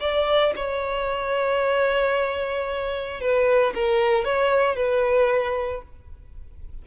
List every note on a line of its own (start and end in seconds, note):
0.00 0.53 D5
0.56 3.20 C#5
3.20 3.73 B4
3.74 4.25 A#4
4.25 4.76 C#5
4.76 5.82 B4